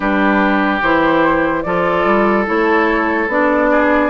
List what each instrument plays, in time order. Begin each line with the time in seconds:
0.00 bassoon G3, clarinet D4, oboe G4, flute B4
0.82 bassoon E3, clarinet E4, flute C5
1.62 bassoon F3, clarinet F4, oboe A4, flute D5
2.05 bassoon G3
2.45 bassoon A3, clarinet E4, flute C#5
3.27 bassoon B3, clarinet D4, flute D5
3.70 oboe G#4